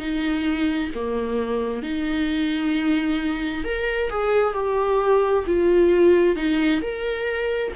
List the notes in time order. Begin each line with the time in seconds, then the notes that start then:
0.00 D#4
0.95 A#3
1.83 D#4
3.65 A#4
4.10 G#4
4.54 G4
5.47 F4
6.36 D#4
6.82 A#4